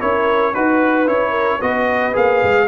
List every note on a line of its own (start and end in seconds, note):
0.00 0.55 C#4
0.00 0.54 E4
0.00 0.54 A#4
0.00 0.54 C#5
0.54 1.07 D#4
0.54 1.06 F#4
0.54 1.07 B4
0.54 1.30 B4
1.06 1.60 C#4
1.06 1.60 E4
1.06 1.61 C#5
1.30 1.57 A#4
1.59 2.15 B3
1.59 2.13 F#4
1.59 2.66 B4
1.59 2.15 D#5
2.13 2.43 A#3
2.13 2.66 G#4
2.13 2.68 F5
2.43 2.68 G#3